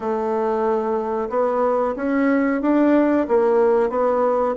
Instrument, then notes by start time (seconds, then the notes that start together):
bassoon
0.00 A3
1.29 B3
1.96 C#4
2.61 D4
3.28 A#3
3.89 B3